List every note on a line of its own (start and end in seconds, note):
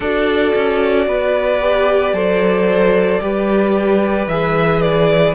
0.00 0.52 D4
0.00 1.60 F#4
0.00 1.06 A4
0.00 4.28 D5
0.55 1.06 C#4
1.06 2.12 B3
1.06 2.14 B4
1.60 2.14 G4
2.12 3.20 F#3
2.12 3.21 A4
2.12 3.21 C5
3.20 4.26 G3
3.20 4.28 G4
3.20 5.35 B4
4.26 5.33 E3
4.26 5.35 G#4
4.26 4.81 E5
4.81 5.34 D5